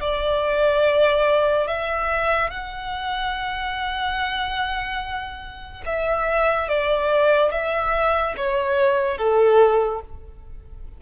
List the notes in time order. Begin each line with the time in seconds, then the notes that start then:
0.00 D5
1.67 E5
2.50 F#5
5.86 E5
6.68 D5
7.51 E5
8.36 C#5
9.17 A4